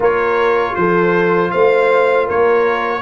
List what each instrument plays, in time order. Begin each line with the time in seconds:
0.00 tuba A#3, trombone F4, horn A#4, trumpet C#5
0.75 tuba F3, horn A4, trumpet C5
1.51 tuba A3, horn C5, trumpet F5
2.26 tuba A#3, horn A#4, trumpet C#5